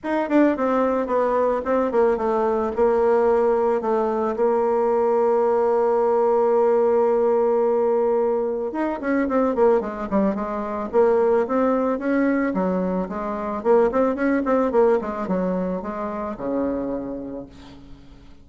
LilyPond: \new Staff \with { instrumentName = "bassoon" } { \time 4/4 \tempo 4 = 110 dis'8 d'8 c'4 b4 c'8 ais8 | a4 ais2 a4 | ais1~ | ais1 |
dis'8 cis'8 c'8 ais8 gis8 g8 gis4 | ais4 c'4 cis'4 fis4 | gis4 ais8 c'8 cis'8 c'8 ais8 gis8 | fis4 gis4 cis2 | }